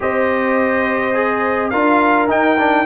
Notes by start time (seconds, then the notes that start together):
0.00 C4 G4 C5 D#5
1.14 G#4
1.69 D4 F4 A#4 F5
2.28 D#4 G5
2.57 D4